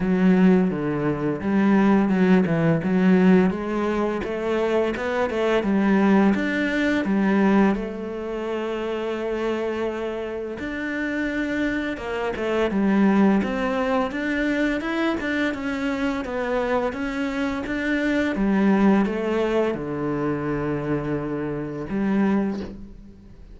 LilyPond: \new Staff \with { instrumentName = "cello" } { \time 4/4 \tempo 4 = 85 fis4 d4 g4 fis8 e8 | fis4 gis4 a4 b8 a8 | g4 d'4 g4 a4~ | a2. d'4~ |
d'4 ais8 a8 g4 c'4 | d'4 e'8 d'8 cis'4 b4 | cis'4 d'4 g4 a4 | d2. g4 | }